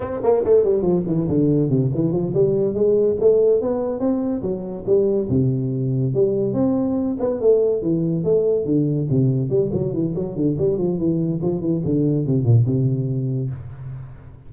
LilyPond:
\new Staff \with { instrumentName = "tuba" } { \time 4/4 \tempo 4 = 142 c'8 ais8 a8 g8 f8 e8 d4 | c8 e8 f8 g4 gis4 a8~ | a8 b4 c'4 fis4 g8~ | g8 c2 g4 c'8~ |
c'4 b8 a4 e4 a8~ | a8 d4 c4 g8 fis8 e8 | fis8 d8 g8 f8 e4 f8 e8 | d4 c8 ais,8 c2 | }